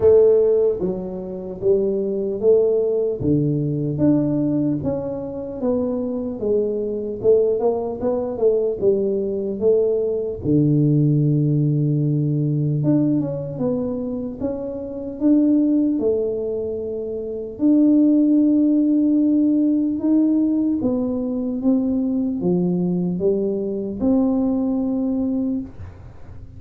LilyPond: \new Staff \with { instrumentName = "tuba" } { \time 4/4 \tempo 4 = 75 a4 fis4 g4 a4 | d4 d'4 cis'4 b4 | gis4 a8 ais8 b8 a8 g4 | a4 d2. |
d'8 cis'8 b4 cis'4 d'4 | a2 d'2~ | d'4 dis'4 b4 c'4 | f4 g4 c'2 | }